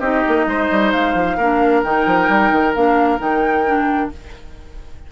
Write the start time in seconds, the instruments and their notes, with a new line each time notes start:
0.00 bassoon C4, clarinet D#4, oboe G4, flute D#5
0.28 bassoon A#3
0.46 bassoon G#3, oboe C5
0.71 bassoon G3
0.92 bassoon G#3, flute F5
1.14 bassoon F3
1.37 bassoon A#3, clarinet D4, oboe A#4
1.83 bassoon D#3, clarinet D#4, flute G5
2.06 bassoon F3
2.29 bassoon G3
2.51 bassoon D#3
2.74 bassoon A#3, clarinet D4, flute F5
3.18 bassoon D#3, clarinet D#4, flute G5
3.66 clarinet D4